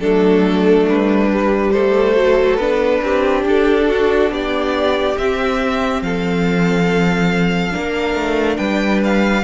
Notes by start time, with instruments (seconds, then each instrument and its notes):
0.00 cello F#3, viola A3, violin D4 A4
0.89 cello G3, violin B4
1.31 viola G3
1.71 cello A3, violin A4 C5
2.16 viola F#3
2.56 cello B3, viola D4, violin B4
3.02 cello C4, violin G4
3.45 cello D4, violin A4
3.89 violin F#4
4.30 cello B3, violin G4 D5
5.17 viola C4, cello C4, violin E5
6.02 cello F3, violin A4 F5
7.71 viola D4, violin A#4
7.77 cello A#3
8.14 cello A3
8.57 cello G3, violin B4 G5
9.04 violin F5